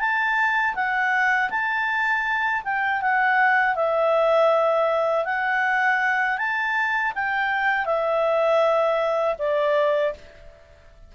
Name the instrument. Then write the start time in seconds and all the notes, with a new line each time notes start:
clarinet
0.00 A5
0.75 F#5
1.51 A5
2.65 G5
3.02 F#5
3.76 E5
5.26 F#5
6.38 A5
7.16 G5
7.86 E5
9.39 D5